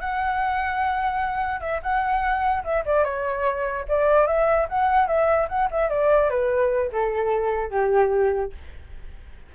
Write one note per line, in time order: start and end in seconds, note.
0.00 1.61 F#5
1.61 1.81 E5
1.82 2.63 F#5
2.64 2.84 E5
2.85 3.04 D5
3.04 3.85 C#5
3.88 4.27 D5
4.27 4.67 E5
4.69 5.07 F#5
5.07 5.48 E5
5.48 5.69 F#5
5.71 5.89 E5
5.89 6.29 D5
6.29 6.90 B4
6.92 7.70 A4
7.70 8.52 G4